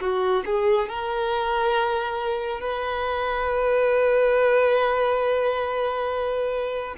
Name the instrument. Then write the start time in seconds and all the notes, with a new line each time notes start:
violin
0.00 F#4
0.45 G#4
0.88 A#4
2.60 B4